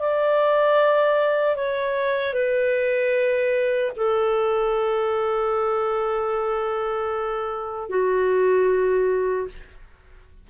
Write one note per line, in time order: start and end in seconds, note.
0.00 1.56 D5
1.56 2.34 C#5
2.34 3.92 B4
3.97 7.90 A4
7.90 9.48 F#4